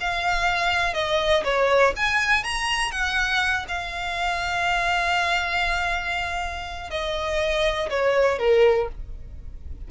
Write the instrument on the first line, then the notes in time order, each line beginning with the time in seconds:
violin
0.00 F5
0.94 D#5
1.44 C#5
1.96 G#5
2.44 A#5
2.91 F#5
3.68 F5
6.90 D#5
7.90 C#5
8.38 A#4